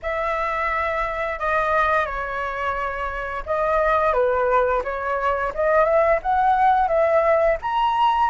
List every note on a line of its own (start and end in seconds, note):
0.02 1.39 E5
1.39 2.05 D#5
2.05 3.43 C#5
3.45 4.13 D#5
4.13 4.82 B4
4.84 5.53 C#5
5.54 5.84 D#5
5.84 6.19 E5
6.22 6.88 F#5
6.88 7.57 E5
7.61 8.30 A#5